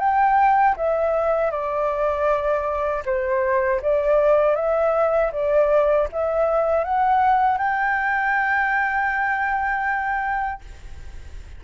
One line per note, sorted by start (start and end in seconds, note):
0.00 0.76 G5
0.77 1.52 E5
1.52 3.03 D5
3.06 3.82 C5
3.83 4.56 D5
4.56 5.32 E5
5.33 6.09 D5
6.13 6.85 E5
6.85 7.58 F#5
7.58 10.62 G5